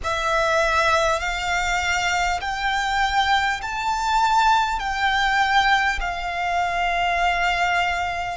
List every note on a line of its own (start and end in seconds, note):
0.03 1.20 E5
1.20 2.40 F5
2.41 3.61 G5
3.62 4.79 A5
4.79 5.99 G5
6.00 8.37 F5